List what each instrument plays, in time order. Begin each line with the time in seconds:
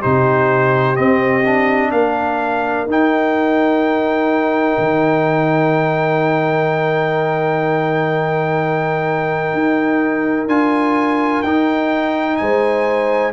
0.00 tuba C3, trombone D#4, horn G4, trumpet C5
0.96 trombone C4, tuba C4, trumpet D#5
1.45 trombone D4
1.91 tuba A#3, horn A#4, trumpet F5
2.87 tuba D#4, trombone D#4, trumpet G5
4.78 tuba D#3
9.53 tuba D#4
10.47 tuba D4, trombone F4, trumpet G#5
11.42 tuba D#4, trombone D#4, trumpet G5
12.36 tuba G#3, horn C5, trumpet G#5